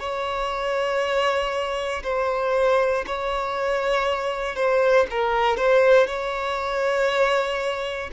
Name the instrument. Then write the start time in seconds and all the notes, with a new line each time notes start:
violin
0.00 C#5
2.03 C5
3.07 C#5
4.56 C5
5.11 A#4
5.57 C5
6.07 C#5